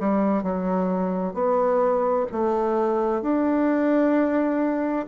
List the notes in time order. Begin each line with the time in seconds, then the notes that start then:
0.00 G3
0.43 F#3
1.34 B3
2.32 A3
3.22 D4